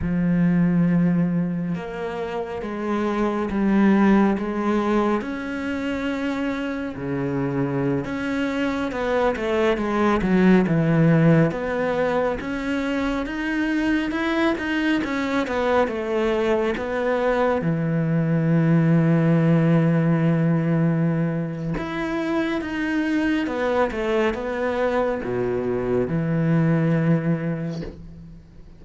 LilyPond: \new Staff \with { instrumentName = "cello" } { \time 4/4 \tempo 4 = 69 f2 ais4 gis4 | g4 gis4 cis'2 | cis4~ cis16 cis'4 b8 a8 gis8 fis16~ | fis16 e4 b4 cis'4 dis'8.~ |
dis'16 e'8 dis'8 cis'8 b8 a4 b8.~ | b16 e2.~ e8.~ | e4 e'4 dis'4 b8 a8 | b4 b,4 e2 | }